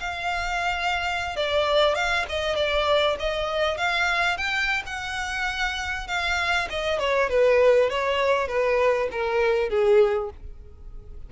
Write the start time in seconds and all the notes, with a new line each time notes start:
0.00 F5
1.36 D5
1.95 F5
2.29 D#5
2.56 D5
3.20 D#5
3.78 F5
4.37 G5
4.86 F#5
6.07 F5
6.70 D#5
6.99 C#5
7.29 B4
7.90 C#5
8.48 B4
9.11 A#4
9.69 G#4